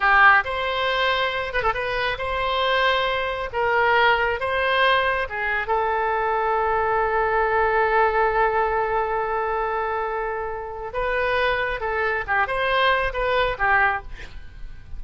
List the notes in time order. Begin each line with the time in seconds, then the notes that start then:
0.00 G4
0.44 C5
1.53 B4
1.62 A4
1.74 B4
2.18 C5
3.53 A#4
4.40 C5
5.29 G#4
5.67 A4
10.93 B4
11.80 A4
12.27 G4
12.47 C5
13.13 B4
13.58 G4